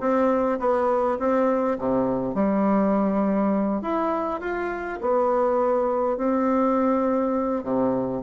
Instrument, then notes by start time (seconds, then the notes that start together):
bassoon
0.00 C4
0.59 B3
1.19 C4
1.78 C3
2.34 G3
3.82 E4
4.40 F4
5.01 B3
6.17 C4
7.63 C3